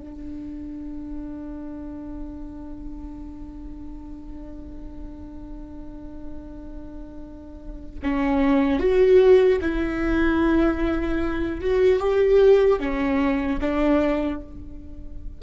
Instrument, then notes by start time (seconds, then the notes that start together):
viola
0.00 D4
8.03 C#4
8.80 F#4
9.61 E4
11.61 F#4
12.00 G4
12.80 C#4
13.61 D4